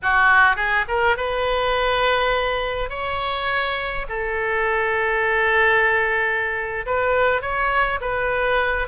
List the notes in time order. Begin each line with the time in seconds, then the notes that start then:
0.02 F#4
0.56 G#4
0.88 A#4
1.16 B4
2.89 C#5
4.09 A4
6.86 B4
7.41 C#5
8.00 B4